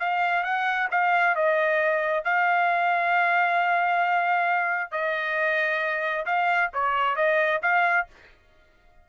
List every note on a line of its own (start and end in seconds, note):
0.00 0.44 F5
0.44 0.88 F#5
0.91 1.36 F5
1.36 2.24 D#5
2.24 4.91 F5
4.91 6.26 D#5
6.26 6.71 F5
6.73 7.16 C#5
7.16 7.61 D#5
7.62 8.07 F5